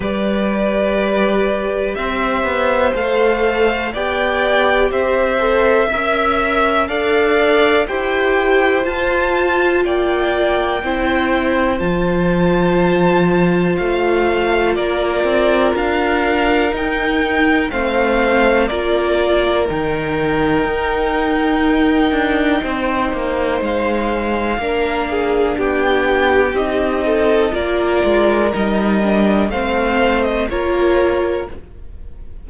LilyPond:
<<
  \new Staff \with { instrumentName = "violin" } { \time 4/4 \tempo 4 = 61 d''2 e''4 f''4 | g''4 e''2 f''4 | g''4 a''4 g''2 | a''2 f''4 d''4 |
f''4 g''4 f''4 d''4 | g''1 | f''2 g''4 dis''4 | d''4 dis''4 f''8. dis''16 cis''4 | }
  \new Staff \with { instrumentName = "violin" } { \time 4/4 b'2 c''2 | d''4 c''4 e''4 d''4 | c''2 d''4 c''4~ | c''2. ais'4~ |
ais'2 c''4 ais'4~ | ais'2. c''4~ | c''4 ais'8 gis'8 g'4. a'8 | ais'2 c''4 ais'4 | }
  \new Staff \with { instrumentName = "viola" } { \time 4/4 g'2. a'4 | g'4. a'8 ais'4 a'4 | g'4 f'2 e'4 | f'1~ |
f'4 dis'4 c'4 f'4 | dis'1~ | dis'4 d'2 dis'4 | f'4 dis'8 d'8 c'4 f'4 | }
  \new Staff \with { instrumentName = "cello" } { \time 4/4 g2 c'8 b8 a4 | b4 c'4 cis'4 d'4 | e'4 f'4 ais4 c'4 | f2 a4 ais8 c'8 |
d'4 dis'4 a4 ais4 | dis4 dis'4. d'8 c'8 ais8 | gis4 ais4 b4 c'4 | ais8 gis8 g4 a4 ais4 | }
>>